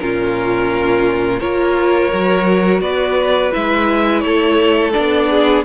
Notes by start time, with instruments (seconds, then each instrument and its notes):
0.00 cello A#2, viola C#4, violin F4 A#4
1.40 cello A#3, viola F4, violin A#4 C#5
2.11 cello F#3, viola F#4
2.81 cello B3, violin B4 D5
3.52 cello G#3, viola E4, violin E5
4.20 cello A3, violin A4 C#5
4.93 cello B3, viola D4, violin D5
5.30 violin G#4